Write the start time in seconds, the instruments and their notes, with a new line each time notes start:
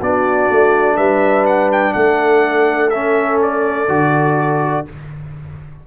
0.00 tuba B3, trombone D4, horn F#4, trumpet D5
0.50 tuba A3
0.96 tuba G3, horn B4, trumpet E5
1.46 trumpet F#5
1.72 trumpet G5
1.93 tuba A3, horn A4, trumpet F#5
2.90 trombone C#4, trumpet E5
3.43 trumpet D5
3.89 tuba D3, trombone F#4